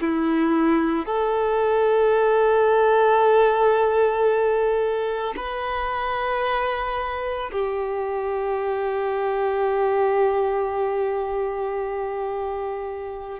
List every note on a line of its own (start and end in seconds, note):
0.00 1.05 E4
1.05 5.34 A4
5.36 7.50 B4
7.52 13.39 G4